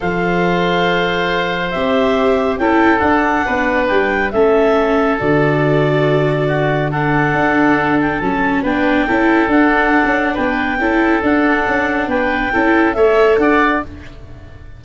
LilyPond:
<<
  \new Staff \with { instrumentName = "clarinet" } { \time 4/4 \tempo 4 = 139 f''1 | e''2 g''4 fis''4~ | fis''4 g''4 e''2 | d''1 |
fis''2~ fis''8 g''8 a''4 | g''2 fis''2 | g''2 fis''2 | g''2 e''4 fis''4 | }
  \new Staff \with { instrumentName = "oboe" } { \time 4/4 c''1~ | c''2 a'2 | b'2 a'2~ | a'2. fis'4 |
a'1 | b'4 a'2. | b'4 a'2. | b'4 a'4 cis''4 d''4 | }
  \new Staff \with { instrumentName = "viola" } { \time 4/4 a'1 | g'2 e'4 d'4~ | d'2 cis'2 | fis'1 |
d'2. cis'4 | d'4 e'4 d'2~ | d'4 e'4 d'2~ | d'4 e'4 a'2 | }
  \new Staff \with { instrumentName = "tuba" } { \time 4/4 f1 | c'2 cis'4 d'4 | b4 g4 a2 | d1~ |
d4 d'2 fis4 | b4 cis'4 d'4~ d'16 cis'8. | b4 cis'4 d'4 cis'4 | b4 cis'4 a4 d'4 | }
>>